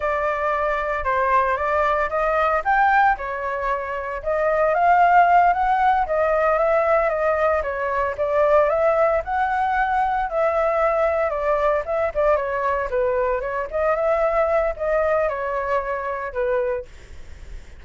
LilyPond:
\new Staff \with { instrumentName = "flute" } { \time 4/4 \tempo 4 = 114 d''2 c''4 d''4 | dis''4 g''4 cis''2 | dis''4 f''4. fis''4 dis''8~ | dis''8 e''4 dis''4 cis''4 d''8~ |
d''8 e''4 fis''2 e''8~ | e''4. d''4 e''8 d''8 cis''8~ | cis''8 b'4 cis''8 dis''8 e''4. | dis''4 cis''2 b'4 | }